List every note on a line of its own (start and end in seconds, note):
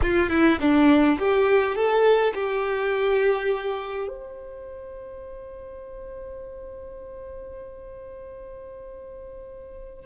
0.02 0.29 F4
0.29 0.58 E4
0.60 1.18 D4
1.19 1.75 G4
1.75 2.33 A4
2.34 4.08 G4
4.08 10.05 C5